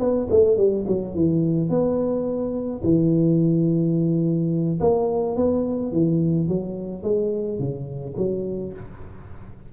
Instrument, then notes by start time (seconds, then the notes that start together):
tuba
0.00 B3
0.31 A3
0.58 G3
0.88 F#3
1.15 E3
1.70 B3
2.84 E3
4.81 A#3
5.37 B3
5.93 E3
6.49 F#3
7.03 G#3
7.59 C#3
8.17 F#3